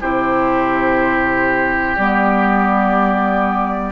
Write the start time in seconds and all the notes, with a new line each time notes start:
0.00 C3 E4 G4 C5
1.96 G3 B3 D5